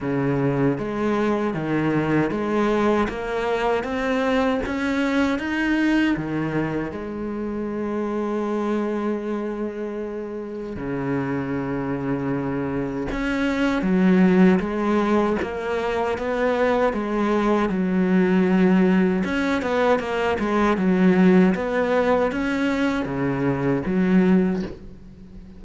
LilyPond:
\new Staff \with { instrumentName = "cello" } { \time 4/4 \tempo 4 = 78 cis4 gis4 dis4 gis4 | ais4 c'4 cis'4 dis'4 | dis4 gis2.~ | gis2 cis2~ |
cis4 cis'4 fis4 gis4 | ais4 b4 gis4 fis4~ | fis4 cis'8 b8 ais8 gis8 fis4 | b4 cis'4 cis4 fis4 | }